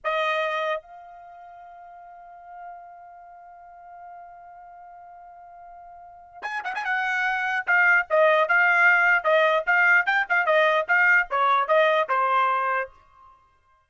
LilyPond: \new Staff \with { instrumentName = "trumpet" } { \time 4/4 \tempo 4 = 149 dis''2 f''2~ | f''1~ | f''1~ | f''1 |
gis''8 fis''16 gis''16 fis''2 f''4 | dis''4 f''2 dis''4 | f''4 g''8 f''8 dis''4 f''4 | cis''4 dis''4 c''2 | }